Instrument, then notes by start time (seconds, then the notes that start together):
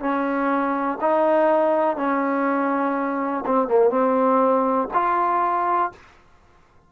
trombone
0.00 C#4
1.01 D#4
1.97 C#4
3.46 C4
3.68 A#3
3.90 C4
4.94 F4